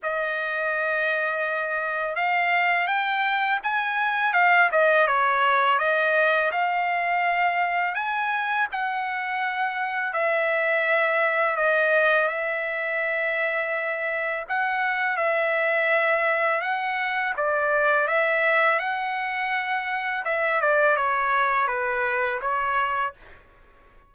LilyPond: \new Staff \with { instrumentName = "trumpet" } { \time 4/4 \tempo 4 = 83 dis''2. f''4 | g''4 gis''4 f''8 dis''8 cis''4 | dis''4 f''2 gis''4 | fis''2 e''2 |
dis''4 e''2. | fis''4 e''2 fis''4 | d''4 e''4 fis''2 | e''8 d''8 cis''4 b'4 cis''4 | }